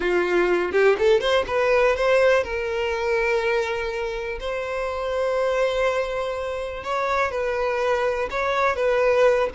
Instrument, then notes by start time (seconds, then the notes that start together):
violin
0.00 F4
0.72 G4
0.98 A4
1.20 C5
1.47 B4
1.95 C5
2.43 A#4
4.39 C5
6.83 C#5
7.31 B4
8.30 C#5
8.76 B4